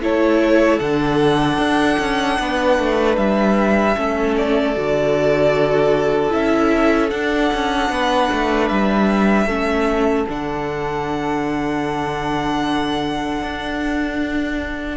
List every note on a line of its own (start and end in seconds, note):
0.00 0.79 A3
0.00 0.80 E4
0.00 2.39 A4
0.00 0.79 C#5
0.79 1.58 D3
0.79 3.95 D4
0.79 3.16 F#5
1.58 1.97 D4
1.99 2.38 C#4
2.38 2.78 B3
2.38 3.97 B4
2.78 3.17 A3
3.16 3.96 G3
3.16 4.34 E5
3.95 4.76 A3
3.95 4.74 C#4
3.95 7.91 A4
4.37 6.33 D5
4.75 6.32 D3
4.75 6.30 F#4
6.30 7.11 C#4
6.30 7.09 E4
6.30 7.10 E5
7.09 9.46 D4
7.09 7.51 D4
7.09 8.68 F#5
7.53 7.89 C#4
7.89 8.29 B3
7.89 9.46 B4
8.31 8.70 A3
8.68 9.46 G3
8.68 10.25 E5
9.46 10.25 A3
9.46 10.27 C#4
9.46 14.97 A4
10.28 13.42 D3
10.28 14.97 D4
10.28 14.97 F#5
13.42 14.97 D4